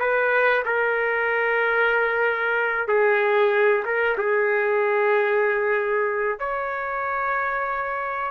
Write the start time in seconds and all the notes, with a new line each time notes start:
0.00 B4
0.66 A#4
2.89 G#4
3.86 A#4
4.18 G#4
6.40 C#5